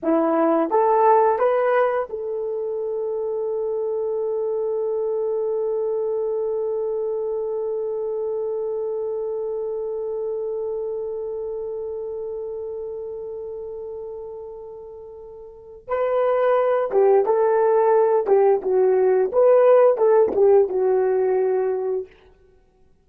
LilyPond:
\new Staff \with { instrumentName = "horn" } { \time 4/4 \tempo 4 = 87 e'4 a'4 b'4 a'4~ | a'1~ | a'1~ | a'1~ |
a'1~ | a'2. b'4~ | b'8 g'8 a'4. g'8 fis'4 | b'4 a'8 g'8 fis'2 | }